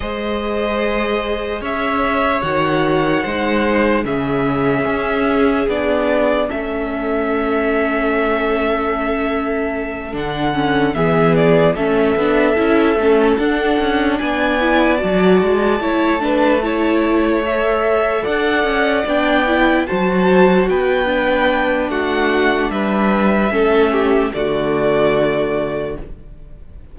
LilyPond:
<<
  \new Staff \with { instrumentName = "violin" } { \time 4/4 \tempo 4 = 74 dis''2 e''4 fis''4~ | fis''4 e''2 d''4 | e''1~ | e''8 fis''4 e''8 d''8 e''4.~ |
e''8 fis''4 gis''4 a''4.~ | a''4. e''4 fis''4 g''8~ | g''8 a''4 g''4. fis''4 | e''2 d''2 | }
  \new Staff \with { instrumentName = "violin" } { \time 4/4 c''2 cis''2 | c''4 gis'2. | a'1~ | a'4. gis'4 a'4.~ |
a'4. d''2 cis''8 | b'8 cis''2 d''4.~ | d''8 c''4 b'4. fis'4 | b'4 a'8 g'8 fis'2 | }
  \new Staff \with { instrumentName = "viola" } { \time 4/4 gis'2. fis'4 | dis'4 cis'2 d'4 | cis'1~ | cis'8 d'8 cis'8 b4 cis'8 d'8 e'8 |
cis'8 d'4. e'8 fis'4 e'8 | d'8 e'4 a'2 d'8 | e'8 fis'4. d'2~ | d'4 cis'4 a2 | }
  \new Staff \with { instrumentName = "cello" } { \time 4/4 gis2 cis'4 dis4 | gis4 cis4 cis'4 b4 | a1~ | a8 d4 e4 a8 b8 cis'8 |
a8 d'8 cis'8 b4 fis8 gis8 a8~ | a2~ a8 d'8 cis'8 b8~ | b8 fis4 b4. a4 | g4 a4 d2 | }
>>